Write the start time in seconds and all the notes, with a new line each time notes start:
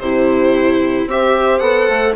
0.00 C3 E4 G4 C5
1.07 C4 G4 C5 E5
1.59 B3 A4 F#5
1.89 A3